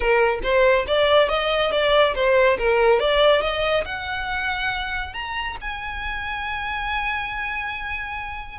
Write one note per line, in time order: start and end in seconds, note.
0.00 0.39 A#4
0.43 0.86 C5
0.87 1.28 D5
1.28 1.71 D#5
1.71 2.14 D5
2.14 2.57 C5
2.58 2.99 A#4
2.99 3.41 D5
3.41 3.84 D#5
3.85 5.13 F#5
5.13 5.56 A#5
5.61 8.58 G#5